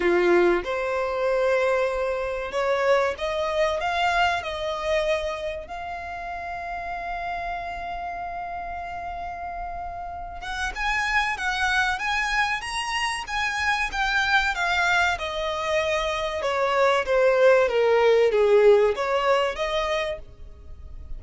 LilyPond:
\new Staff \with { instrumentName = "violin" } { \time 4/4 \tempo 4 = 95 f'4 c''2. | cis''4 dis''4 f''4 dis''4~ | dis''4 f''2.~ | f''1~ |
f''8 fis''8 gis''4 fis''4 gis''4 | ais''4 gis''4 g''4 f''4 | dis''2 cis''4 c''4 | ais'4 gis'4 cis''4 dis''4 | }